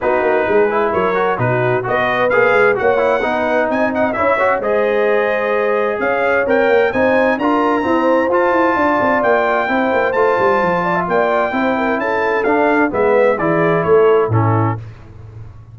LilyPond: <<
  \new Staff \with { instrumentName = "trumpet" } { \time 4/4 \tempo 4 = 130 b'2 cis''4 b'4 | dis''4 f''4 fis''2 | gis''8 fis''8 e''4 dis''2~ | dis''4 f''4 g''4 gis''4 |
ais''2 a''2 | g''2 a''2 | g''2 a''4 f''4 | e''4 d''4 cis''4 a'4 | }
  \new Staff \with { instrumentName = "horn" } { \time 4/4 fis'4 gis'4 ais'4 fis'4 | b'2 cis''4 b'4 | dis''4 cis''4 c''2~ | c''4 cis''2 c''4 |
ais'4 c''2 d''4~ | d''4 c''2~ c''8 d''16 e''16 | d''4 c''8 ais'8 a'2 | b'4 gis'4 a'4 e'4 | }
  \new Staff \with { instrumentName = "trombone" } { \time 4/4 dis'4. e'4 fis'8 dis'4 | fis'4 gis'4 fis'8 e'8 dis'4~ | dis'4 e'8 fis'8 gis'2~ | gis'2 ais'4 dis'4 |
f'4 c'4 f'2~ | f'4 e'4 f'2~ | f'4 e'2 d'4 | b4 e'2 cis'4 | }
  \new Staff \with { instrumentName = "tuba" } { \time 4/4 b8 ais8 gis4 fis4 b,4 | b4 ais8 gis8 ais4 b4 | c'4 cis'4 gis2~ | gis4 cis'4 c'8 ais8 c'4 |
d'4 e'4 f'8 e'8 d'8 c'8 | ais4 c'8 ais8 a8 g8 f4 | ais4 c'4 cis'4 d'4 | gis4 e4 a4 a,4 | }
>>